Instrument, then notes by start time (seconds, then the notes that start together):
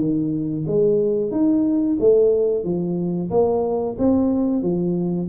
tuba
0.00 D#3
0.68 G#3
1.32 D#4
2.00 A3
2.65 F3
3.31 A#3
3.99 C4
4.63 F3